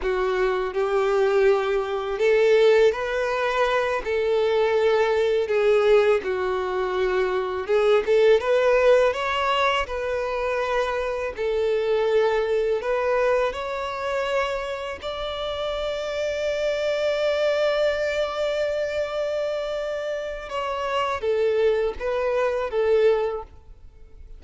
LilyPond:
\new Staff \with { instrumentName = "violin" } { \time 4/4 \tempo 4 = 82 fis'4 g'2 a'4 | b'4. a'2 gis'8~ | gis'8 fis'2 gis'8 a'8 b'8~ | b'8 cis''4 b'2 a'8~ |
a'4. b'4 cis''4.~ | cis''8 d''2.~ d''8~ | d''1 | cis''4 a'4 b'4 a'4 | }